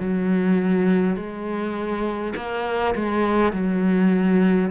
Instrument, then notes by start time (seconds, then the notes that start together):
cello
0.00 F#3
1.17 G#3
2.36 A#3
2.95 G#3
3.53 F#3